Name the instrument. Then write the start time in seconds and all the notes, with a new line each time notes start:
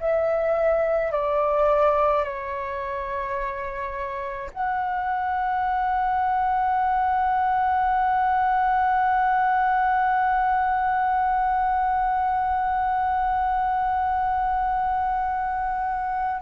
flute
0.00 E5
1.12 D5
2.24 C#5
4.53 F#5